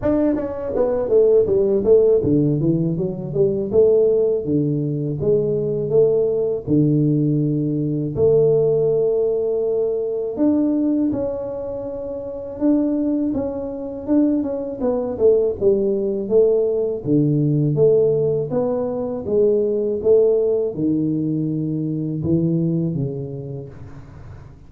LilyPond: \new Staff \with { instrumentName = "tuba" } { \time 4/4 \tempo 4 = 81 d'8 cis'8 b8 a8 g8 a8 d8 e8 | fis8 g8 a4 d4 gis4 | a4 d2 a4~ | a2 d'4 cis'4~ |
cis'4 d'4 cis'4 d'8 cis'8 | b8 a8 g4 a4 d4 | a4 b4 gis4 a4 | dis2 e4 cis4 | }